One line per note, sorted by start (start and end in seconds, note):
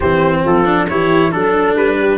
0.00 0.45 E3
0.00 0.65 C4
0.00 0.41 G4
0.00 0.41 C5
0.44 0.90 F3
0.44 0.88 F4
0.44 0.88 A4
0.65 0.87 D4
0.88 1.34 E3
0.88 1.31 E4
0.88 1.32 G4
0.88 1.31 C#5
1.31 1.76 F#3
1.31 2.17 D4
1.31 1.75 A4
1.31 1.99 A4
1.76 2.17 G3
1.76 2.17 B4
1.99 2.17 G4